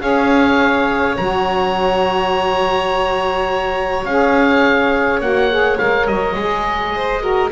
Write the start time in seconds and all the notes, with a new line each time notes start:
0.00 C#4 G#4 C#5 F5
1.17 F#3 F#4 A#5
4.05 C#4 G#4 F5
5.20 A#3 F#4 F#5
5.50 G#4
5.78 G#3 A#4 F5
6.07 F#3 D#5
6.36 G#3 G#4
6.95 C5
7.21 F#4 A#4